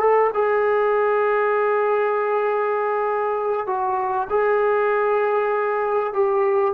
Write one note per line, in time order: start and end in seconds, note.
0.00 0.31 A4
0.34 3.67 G#4
3.67 4.28 F#4
4.30 6.14 G#4
6.14 6.74 G4